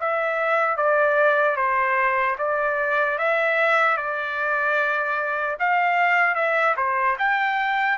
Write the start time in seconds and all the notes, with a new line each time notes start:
0.00 E5
0.76 D5
1.56 C5
2.38 D5
3.18 E5
3.97 D5
5.59 F5
6.35 E5
6.76 C5
7.18 G5